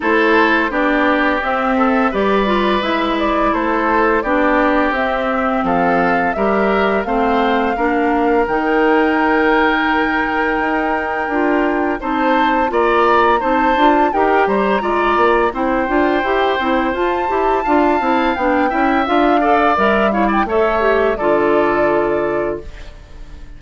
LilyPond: <<
  \new Staff \with { instrumentName = "flute" } { \time 4/4 \tempo 4 = 85 c''4 d''4 e''4 d''4 | e''8 d''8 c''4 d''4 e''4 | f''4 e''4 f''2 | g''1~ |
g''4 a''4 ais''4 a''4 | g''8 ais''4. g''2 | a''2 g''4 f''4 | e''8 f''16 g''16 e''4 d''2 | }
  \new Staff \with { instrumentName = "oboe" } { \time 4/4 a'4 g'4. a'8 b'4~ | b'4 a'4 g'2 | a'4 ais'4 c''4 ais'4~ | ais'1~ |
ais'4 c''4 d''4 c''4 | ais'8 c''8 d''4 c''2~ | c''4 f''4. e''4 d''8~ | d''8 cis''16 d''16 cis''4 a'2 | }
  \new Staff \with { instrumentName = "clarinet" } { \time 4/4 e'4 d'4 c'4 g'8 f'8 | e'2 d'4 c'4~ | c'4 g'4 c'4 d'4 | dis'1 |
f'4 dis'4 f'4 dis'8 f'8 | g'4 f'4 e'8 f'8 g'8 e'8 | f'8 g'8 f'8 e'8 d'8 e'8 f'8 a'8 | ais'8 e'8 a'8 g'8 f'2 | }
  \new Staff \with { instrumentName = "bassoon" } { \time 4/4 a4 b4 c'4 g4 | gis4 a4 b4 c'4 | f4 g4 a4 ais4 | dis2. dis'4 |
d'4 c'4 ais4 c'8 d'8 | dis'8 g8 gis8 ais8 c'8 d'8 e'8 c'8 | f'8 e'8 d'8 c'8 b8 cis'8 d'4 | g4 a4 d2 | }
>>